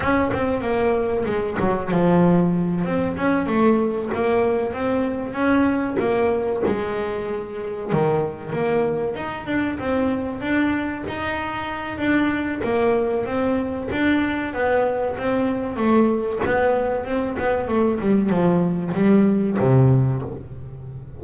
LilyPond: \new Staff \with { instrumentName = "double bass" } { \time 4/4 \tempo 4 = 95 cis'8 c'8 ais4 gis8 fis8 f4~ | f8 c'8 cis'8 a4 ais4 c'8~ | c'8 cis'4 ais4 gis4.~ | gis8 dis4 ais4 dis'8 d'8 c'8~ |
c'8 d'4 dis'4. d'4 | ais4 c'4 d'4 b4 | c'4 a4 b4 c'8 b8 | a8 g8 f4 g4 c4 | }